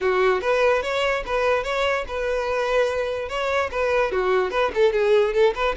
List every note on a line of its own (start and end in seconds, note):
0.01 0.41 F#4
0.41 0.82 B4
0.82 1.23 C#5
1.26 1.63 B4
1.63 2.04 C#5
2.07 3.28 B4
3.28 3.69 C#5
3.71 4.11 B4
4.11 4.51 F#4
4.51 4.71 B4
4.74 4.92 A4
4.92 5.33 G#4
5.33 5.54 A4
5.54 5.75 B4